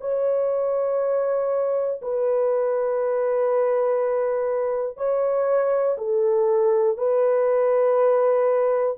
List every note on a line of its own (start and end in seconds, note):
0.00 2.00 C#5
2.01 4.97 B4
4.97 5.97 C#5
5.97 6.97 A4
6.97 8.97 B4